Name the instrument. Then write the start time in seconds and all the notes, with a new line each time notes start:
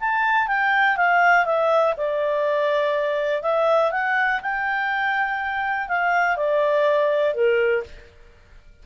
clarinet
0.00 A5
0.48 G5
0.97 F5
1.45 E5
1.97 D5
3.42 E5
3.92 F#5
4.42 G5
5.88 F5
6.37 D5
7.34 A#4